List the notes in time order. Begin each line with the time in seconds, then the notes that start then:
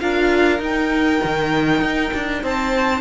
0.00 D4 F4 A#4 F5
0.60 D#4 G5
1.24 D#3
1.82 D#4
2.14 D4
2.43 C4 C5 A5